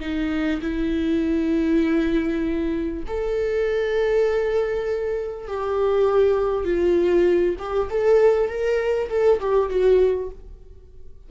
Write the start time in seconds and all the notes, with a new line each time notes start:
0.00 D#4
0.61 E4
3.07 A4
5.47 G4
6.65 F4
7.59 G4
7.90 A4
8.48 A#4
9.09 A4
9.40 G4
9.69 F#4